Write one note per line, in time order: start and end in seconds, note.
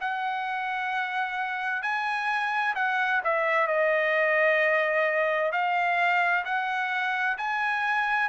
0.00 1.82 F#5
1.82 2.74 G#5
2.75 3.21 F#5
3.24 3.67 E5
3.67 5.52 D#5
5.52 6.44 F5
6.44 7.37 F#5
7.38 8.29 G#5